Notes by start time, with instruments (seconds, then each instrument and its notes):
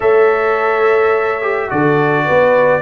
0.00 tuba A3, trombone A4, horn C#5, trumpet E5
1.41 trombone G4
1.68 tuba D3, trombone F#4, horn A4, trumpet D5
2.25 tuba B3, horn B4